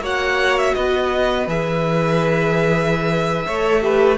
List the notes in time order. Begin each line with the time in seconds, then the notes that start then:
0.00 A#3 F#4 C#5 F#5
0.59 E5
0.74 B3 B4 D#5
1.48 E3 G#4 E5
3.47 A3 A4 C#5
3.82 G4 B4